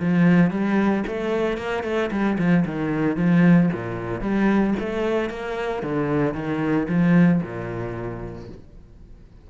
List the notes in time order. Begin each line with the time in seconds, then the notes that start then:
0.00 F3
0.51 G3
1.07 A3
1.58 A#3
1.84 A3
2.11 G3
2.38 F3
2.65 D#3
3.17 F3
3.73 A#2
4.21 G3
4.80 A3
5.30 A#3
5.83 D3
6.34 D#3
6.89 F3
7.43 A#2